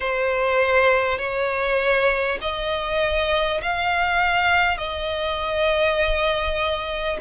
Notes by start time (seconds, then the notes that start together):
0.00 C5
1.18 C#5
2.41 D#5
3.62 F5
4.77 D#5